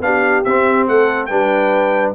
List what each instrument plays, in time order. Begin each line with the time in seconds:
0.00 tuba B3, trombone D4, horn G4, trumpet F5
0.45 tuba C4, trombone C4, trumpet E5
0.88 tuba A3, horn A4, trumpet F#5
1.26 tuba G3, trombone D4, horn B4, trumpet G5